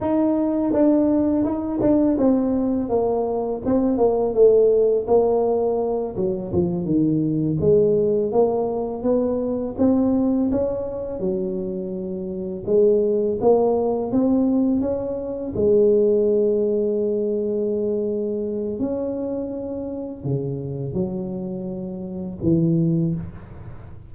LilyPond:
\new Staff \with { instrumentName = "tuba" } { \time 4/4 \tempo 4 = 83 dis'4 d'4 dis'8 d'8 c'4 | ais4 c'8 ais8 a4 ais4~ | ais8 fis8 f8 dis4 gis4 ais8~ | ais8 b4 c'4 cis'4 fis8~ |
fis4. gis4 ais4 c'8~ | c'8 cis'4 gis2~ gis8~ | gis2 cis'2 | cis4 fis2 e4 | }